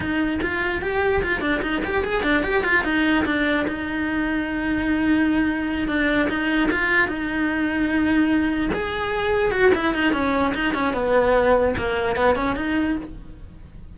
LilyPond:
\new Staff \with { instrumentName = "cello" } { \time 4/4 \tempo 4 = 148 dis'4 f'4 g'4 f'8 d'8 | dis'8 g'8 gis'8 d'8 g'8 f'8 dis'4 | d'4 dis'2.~ | dis'2~ dis'8 d'4 dis'8~ |
dis'8 f'4 dis'2~ dis'8~ | dis'4. gis'2 fis'8 | e'8 dis'8 cis'4 dis'8 cis'8 b4~ | b4 ais4 b8 cis'8 dis'4 | }